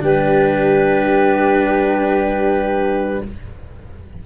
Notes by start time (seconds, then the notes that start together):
0.00 G3 D4 G4 B4